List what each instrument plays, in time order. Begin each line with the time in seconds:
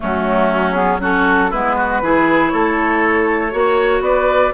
0.00 bassoon F#3, clarinet A3, oboe C#4, flute F#4
0.72 clarinet B3, flute G#4
1.00 clarinet C#4, oboe F#4, flute A4
1.50 bassoon G#3, clarinet B3, oboe E4, flute B4
1.76 oboe F#4
2.01 bassoon E3, clarinet E4, oboe G#4
2.48 bassoon A3, oboe A4, flute C#5
3.50 bassoon A#3, clarinet F#4, oboe C#5
4.00 bassoon B3, oboe B4, flute D5